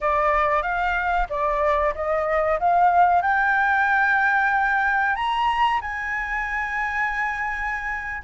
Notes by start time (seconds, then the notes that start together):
0.00 D5
0.62 F5
1.29 D5
1.94 D#5
2.59 F5
3.22 G5
5.15 A#5
5.81 G#5